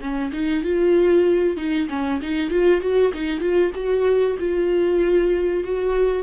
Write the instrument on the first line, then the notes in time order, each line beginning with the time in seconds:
viola
0.00 C#4
0.33 D#4
0.64 F4
1.57 D#4
1.89 C#4
2.22 D#4
2.50 F4
2.81 F#4
3.13 D#4
3.40 F4
3.74 F#4
4.39 F4
5.64 F#4